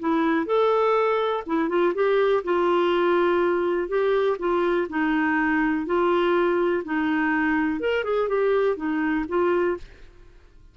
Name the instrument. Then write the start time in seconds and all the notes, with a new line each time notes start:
clarinet
0.00 E4
0.47 A4
1.47 E4
1.69 F4
1.95 G4
2.45 F4
3.89 G4
4.39 F4
4.90 D#4
5.86 F4
6.85 D#4
7.81 A#4
8.05 G#4
8.29 G4
8.77 D#4
9.29 F4